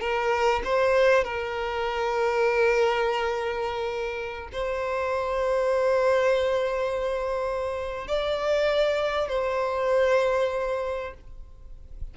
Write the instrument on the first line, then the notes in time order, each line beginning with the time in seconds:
violin
0.00 A#4
0.64 C5
1.24 A#4
4.52 C5
8.07 D5
9.28 C5